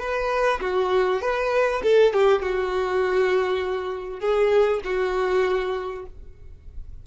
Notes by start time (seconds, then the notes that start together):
0.00 B4
0.61 F#4
1.22 B4
1.83 A4
2.14 G4
2.42 F#4
4.20 G#4
4.85 F#4